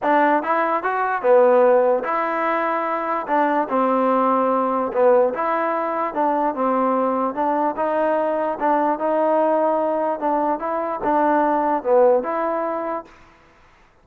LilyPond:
\new Staff \with { instrumentName = "trombone" } { \time 4/4 \tempo 4 = 147 d'4 e'4 fis'4 b4~ | b4 e'2. | d'4 c'2. | b4 e'2 d'4 |
c'2 d'4 dis'4~ | dis'4 d'4 dis'2~ | dis'4 d'4 e'4 d'4~ | d'4 b4 e'2 | }